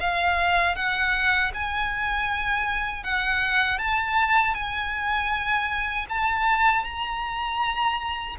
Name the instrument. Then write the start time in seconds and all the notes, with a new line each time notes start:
violin
0.00 F5
0.76 F#5
1.54 G#5
3.03 F#5
3.78 A5
4.54 G#5
6.09 A5
6.84 A#5